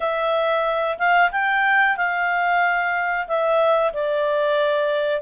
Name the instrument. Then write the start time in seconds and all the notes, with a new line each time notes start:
clarinet
0.00 E5
0.98 F5
1.31 G5
1.97 F5
3.27 E5
3.93 D5